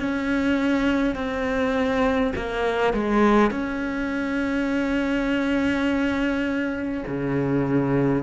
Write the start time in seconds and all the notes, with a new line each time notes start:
0.00 C#4
1.16 C4
2.36 A#3
2.94 G#3
3.51 C#4
7.07 C#3